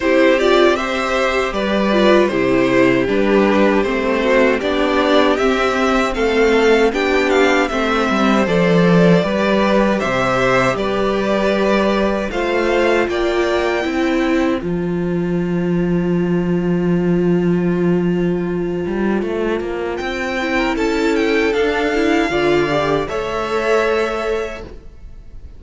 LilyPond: <<
  \new Staff \with { instrumentName = "violin" } { \time 4/4 \tempo 4 = 78 c''8 d''8 e''4 d''4 c''4 | b'4 c''4 d''4 e''4 | f''4 g''8 f''8 e''4 d''4~ | d''4 e''4 d''2 |
f''4 g''2 a''4~ | a''1~ | a''2 g''4 a''8 g''8 | f''2 e''2 | }
  \new Staff \with { instrumentName = "violin" } { \time 4/4 g'4 c''4 b'4 g'4~ | g'4. fis'8 g'2 | a'4 g'4 c''2 | b'4 c''4 b'2 |
c''4 d''4 c''2~ | c''1~ | c''2~ c''8. ais'16 a'4~ | a'4 d''4 cis''2 | }
  \new Staff \with { instrumentName = "viola" } { \time 4/4 e'8 f'8 g'4. f'8 e'4 | d'4 c'4 d'4 c'4~ | c'4 d'4 c'4 a'4 | g'1 |
f'2 e'4 f'4~ | f'1~ | f'2~ f'8 e'4. | d'8 e'8 f'8 g'8 a'2 | }
  \new Staff \with { instrumentName = "cello" } { \time 4/4 c'2 g4 c4 | g4 a4 b4 c'4 | a4 b4 a8 g8 f4 | g4 c4 g2 |
a4 ais4 c'4 f4~ | f1~ | f8 g8 a8 ais8 c'4 cis'4 | d'4 d4 a2 | }
>>